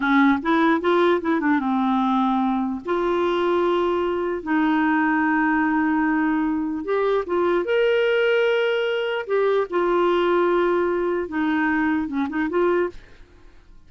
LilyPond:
\new Staff \with { instrumentName = "clarinet" } { \time 4/4 \tempo 4 = 149 cis'4 e'4 f'4 e'8 d'8 | c'2. f'4~ | f'2. dis'4~ | dis'1~ |
dis'4 g'4 f'4 ais'4~ | ais'2. g'4 | f'1 | dis'2 cis'8 dis'8 f'4 | }